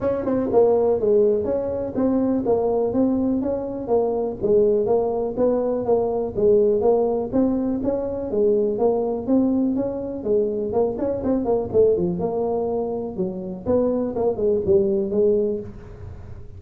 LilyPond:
\new Staff \with { instrumentName = "tuba" } { \time 4/4 \tempo 4 = 123 cis'8 c'8 ais4 gis4 cis'4 | c'4 ais4 c'4 cis'4 | ais4 gis4 ais4 b4 | ais4 gis4 ais4 c'4 |
cis'4 gis4 ais4 c'4 | cis'4 gis4 ais8 cis'8 c'8 ais8 | a8 f8 ais2 fis4 | b4 ais8 gis8 g4 gis4 | }